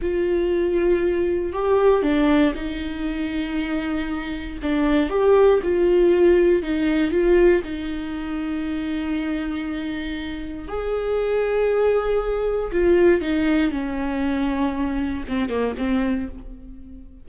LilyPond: \new Staff \with { instrumentName = "viola" } { \time 4/4 \tempo 4 = 118 f'2. g'4 | d'4 dis'2.~ | dis'4 d'4 g'4 f'4~ | f'4 dis'4 f'4 dis'4~ |
dis'1~ | dis'4 gis'2.~ | gis'4 f'4 dis'4 cis'4~ | cis'2 c'8 ais8 c'4 | }